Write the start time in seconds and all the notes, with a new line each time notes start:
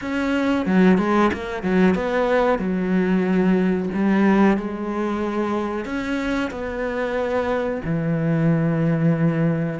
0.01 C#4
0.66 F#3
0.98 G#3
1.33 A#3
1.62 F#3
1.94 B3
2.58 F#3
3.94 G3
4.57 G#3
5.85 C#4
6.50 B3
7.84 E3